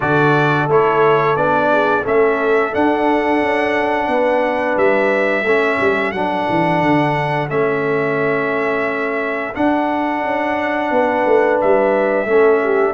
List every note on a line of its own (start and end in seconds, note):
0.00 0.68 D3
0.00 0.68 F#4
0.00 1.70 A4
0.00 0.69 D5
0.68 1.36 A3
0.68 1.37 E4
0.68 1.36 C#5
1.36 2.04 B3
1.36 2.04 D4
1.36 2.04 D5
1.71 2.03 G#4
2.03 2.74 A3
2.03 2.71 C#4
2.03 4.08 A4
2.03 2.74 E5
2.71 5.44 D4
2.71 3.42 D4
2.71 4.78 F#5
3.42 4.07 C#4
4.07 4.76 B3
4.07 5.45 B4
4.76 5.43 G3
4.76 6.11 E5
5.43 5.77 A3
5.43 6.14 C#4
5.43 10.91 A4
5.80 6.12 G3
6.11 6.46 F#3
6.11 7.49 D4
6.11 7.47 F#5
6.49 6.82 E3
6.82 7.50 D3
7.49 9.55 A3
7.49 9.53 C#4
7.49 9.54 E5
9.53 12.26 D4
9.53 10.23 D4
9.53 11.59 F#5
10.23 10.90 C#4
10.90 11.25 B3
10.90 12.28 B4
11.26 11.60 A3
11.60 12.25 G3
11.60 12.94 E5
12.25 12.93 A3
12.25 12.94 C#4
12.25 12.62 A4
12.62 12.94 G4